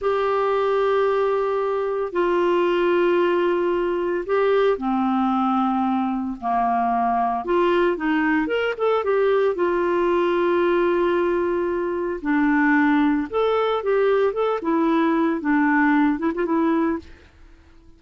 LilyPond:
\new Staff \with { instrumentName = "clarinet" } { \time 4/4 \tempo 4 = 113 g'1 | f'1 | g'4 c'2. | ais2 f'4 dis'4 |
ais'8 a'8 g'4 f'2~ | f'2. d'4~ | d'4 a'4 g'4 a'8 e'8~ | e'4 d'4. e'16 f'16 e'4 | }